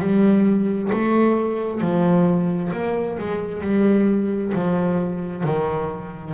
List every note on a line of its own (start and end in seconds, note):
0.00 0.91 G3
0.93 1.81 A3
1.81 2.72 F3
2.73 3.18 A#3
3.19 3.62 G#3
3.62 4.52 G3
4.55 5.44 F3
5.44 6.34 D#3